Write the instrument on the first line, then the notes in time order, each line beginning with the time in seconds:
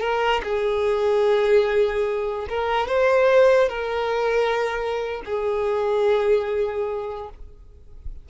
violin
0.00 A#4
0.43 G#4
2.48 A#4
2.87 C5
3.69 A#4
5.25 G#4